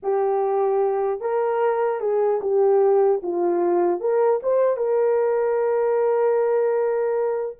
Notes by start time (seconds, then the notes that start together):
0.03 G4
1.21 A#4
2.00 G#4
2.41 G4
3.22 F4
4.00 A#4
4.42 C5
4.76 A#4